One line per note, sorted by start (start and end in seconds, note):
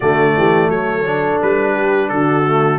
0.00 0.36 D3
0.00 1.05 A3
0.00 0.34 F#4
0.00 0.70 D5
0.36 0.68 E3
0.36 0.68 G4
0.68 1.38 F#3
0.68 1.73 A4
0.68 1.39 C#5
1.05 2.44 D4
1.42 2.10 G3
1.42 2.09 B4
1.73 2.08 G4
2.09 2.78 D3
2.09 2.78 F#4
2.09 2.78 A4
2.45 2.78 A3